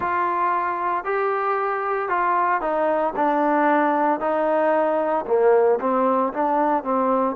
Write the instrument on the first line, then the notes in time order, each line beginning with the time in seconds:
trombone
0.00 F4
1.04 G4
2.08 F4
2.61 D#4
3.16 D4
4.20 D#4
5.26 A#3
5.80 C4
6.33 D4
6.83 C4